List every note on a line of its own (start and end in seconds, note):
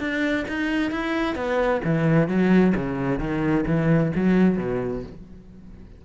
0.00 0.46 D4
0.48 0.92 D#4
0.92 1.36 E4
1.36 1.82 B3
1.85 2.28 E3
2.28 2.74 F#3
2.76 3.19 C#3
3.19 3.65 D#3
3.67 4.12 E3
4.16 4.58 F#3
4.58 5.04 B2